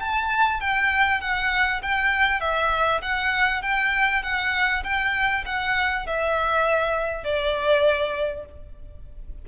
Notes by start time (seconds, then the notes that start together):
0.00 A5
0.60 G5
1.21 F#5
1.82 G5
2.41 E5
3.02 F#5
3.62 G5
4.23 F#5
4.84 G5
5.46 F#5
6.06 E5
7.24 D5